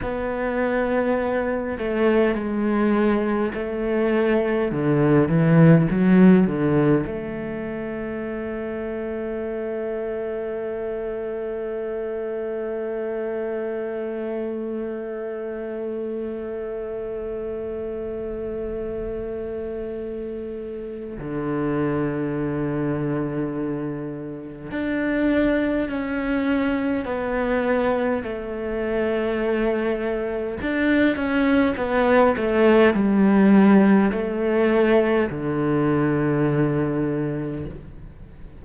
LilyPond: \new Staff \with { instrumentName = "cello" } { \time 4/4 \tempo 4 = 51 b4. a8 gis4 a4 | d8 e8 fis8 d8 a2~ | a1~ | a1~ |
a2 d2~ | d4 d'4 cis'4 b4 | a2 d'8 cis'8 b8 a8 | g4 a4 d2 | }